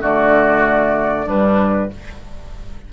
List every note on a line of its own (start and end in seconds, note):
0.00 1.26 D3
0.00 1.26 A3
0.00 1.26 F#4
0.00 1.29 D5
1.26 1.89 G2
1.26 1.93 G3
1.26 1.89 D4
1.26 1.92 B4